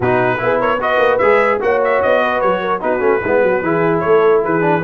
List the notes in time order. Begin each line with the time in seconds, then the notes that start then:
0.00 B2 D#4 F#4 B4
0.38 B3 E4 G#4
0.60 A#4 C#5
0.80 F#4 B4 D#5
0.98 A#3
1.18 G#3 G#4 E5
1.60 A#3 F#4 C#5 F#5
1.84 E5
2.02 B3 D#5
2.22 B4
2.40 F#3 C#5
2.60 A#4
2.80 B3 D#4 F#4 B4
2.99 A3 C#4
3.21 G#3 B3 E4
3.42 F#3 F#4
3.62 E3 E4 G#4
3.99 A4 C#5
4.05 A3
4.43 E3 G#4 B4
4.61 D4